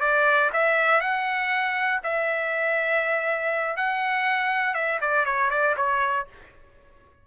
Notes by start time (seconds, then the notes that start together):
0.00 D5
0.53 E5
1.00 F#5
2.03 E5
3.76 F#5
4.74 E5
5.01 D5
5.25 C#5
5.50 D5
5.76 C#5